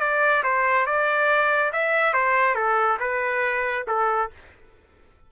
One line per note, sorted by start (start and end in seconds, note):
0.00 0.43 D5
0.43 0.86 C5
0.86 1.72 D5
1.73 2.13 E5
2.13 2.55 C5
2.55 2.98 A4
3.00 3.86 B4
3.87 4.30 A4